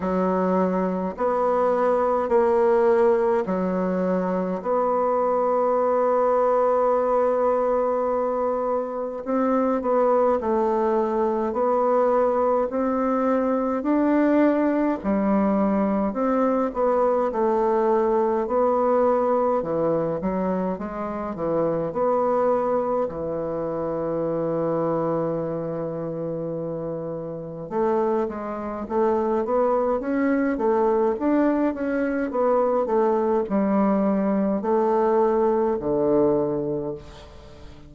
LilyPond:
\new Staff \with { instrumentName = "bassoon" } { \time 4/4 \tempo 4 = 52 fis4 b4 ais4 fis4 | b1 | c'8 b8 a4 b4 c'4 | d'4 g4 c'8 b8 a4 |
b4 e8 fis8 gis8 e8 b4 | e1 | a8 gis8 a8 b8 cis'8 a8 d'8 cis'8 | b8 a8 g4 a4 d4 | }